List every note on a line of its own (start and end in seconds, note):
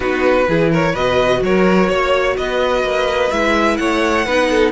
0.00 0.47 B3
0.00 0.46 D#4
0.00 0.47 F#4
0.00 0.70 B4
0.48 0.95 E3
0.48 0.96 E4
0.48 0.71 G#4
0.71 0.92 A#4
0.71 0.95 C#5
0.92 1.42 B2
0.92 3.32 F#4
0.92 1.39 B4
0.92 1.42 D#5
1.42 1.89 F#3
1.42 1.89 A#4
1.42 2.37 C#5
1.89 2.36 A#3
1.89 2.36 C#5
2.37 2.83 B3
2.37 3.79 B4
2.37 3.31 D#5
2.83 3.30 A#3
3.31 3.78 G#3
3.31 4.26 E4
3.31 3.76 E5
3.76 4.26 A3
3.76 4.25 C#5
3.76 4.71 F#5
4.25 4.71 B3
4.25 4.71 D#4
4.25 4.49 B4
4.50 4.71 A4